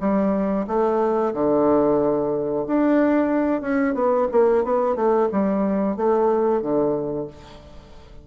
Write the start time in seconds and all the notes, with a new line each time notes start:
0.00 G3
0.67 A3
1.33 D3
2.66 D4
3.61 C#4
3.94 B3
4.31 A#3
4.64 B3
4.95 A3
5.32 G3
5.96 A3
6.61 D3